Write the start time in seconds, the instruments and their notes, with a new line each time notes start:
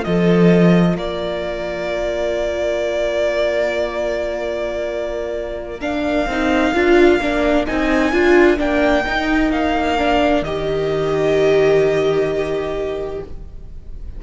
0.00 viola F4, violin A4 D#5
0.06 cello F3
0.95 cello A#3, violin A#4 D5
5.80 viola D4, violin F5
6.26 cello C4, viola D#4
6.74 cello D4, viola F4
7.20 cello A#3, viola D4
7.66 cello C4, viola D#4, violin G#5
8.12 cello D4, viola F4
8.57 cello A#3, viola D4, violin G5
9.06 cello D#4, viola D#4
9.50 cello A#3, violin F5
9.98 viola D4
10.42 cello D#3, viola G4, violin D#5